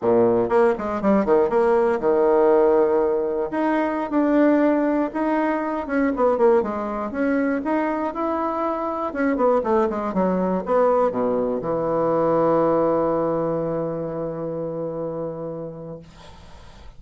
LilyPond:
\new Staff \with { instrumentName = "bassoon" } { \time 4/4 \tempo 4 = 120 ais,4 ais8 gis8 g8 dis8 ais4 | dis2. dis'4~ | dis'16 d'2 dis'4. cis'16~ | cis'16 b8 ais8 gis4 cis'4 dis'8.~ |
dis'16 e'2 cis'8 b8 a8 gis16~ | gis16 fis4 b4 b,4 e8.~ | e1~ | e1 | }